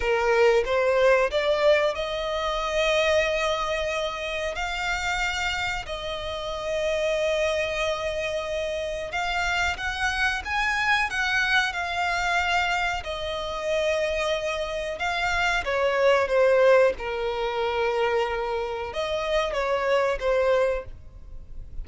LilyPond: \new Staff \with { instrumentName = "violin" } { \time 4/4 \tempo 4 = 92 ais'4 c''4 d''4 dis''4~ | dis''2. f''4~ | f''4 dis''2.~ | dis''2 f''4 fis''4 |
gis''4 fis''4 f''2 | dis''2. f''4 | cis''4 c''4 ais'2~ | ais'4 dis''4 cis''4 c''4 | }